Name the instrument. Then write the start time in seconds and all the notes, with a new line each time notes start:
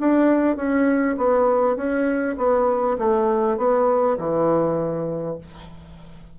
bassoon
0.00 D4
0.56 C#4
1.18 B3
1.76 C#4
2.38 B3
2.98 A3
3.58 B3
4.18 E3